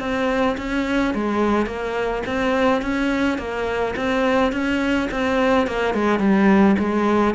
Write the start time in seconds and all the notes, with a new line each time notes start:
0.00 C4
0.57 C#4
1.14 G#3
1.66 A#3
2.26 C4
2.82 C#4
3.38 A#3
3.96 C4
4.52 C#4
5.11 C4
5.67 A#3
5.94 G#3
6.19 G3
6.79 G#3